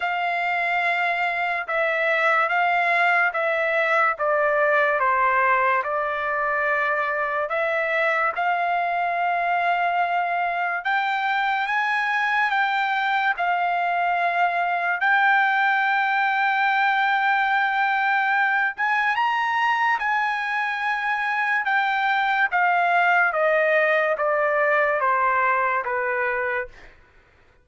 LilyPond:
\new Staff \with { instrumentName = "trumpet" } { \time 4/4 \tempo 4 = 72 f''2 e''4 f''4 | e''4 d''4 c''4 d''4~ | d''4 e''4 f''2~ | f''4 g''4 gis''4 g''4 |
f''2 g''2~ | g''2~ g''8 gis''8 ais''4 | gis''2 g''4 f''4 | dis''4 d''4 c''4 b'4 | }